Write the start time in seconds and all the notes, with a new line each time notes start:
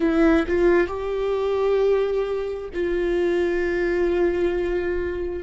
0.00 E4
0.47 F4
0.87 G4
2.73 F4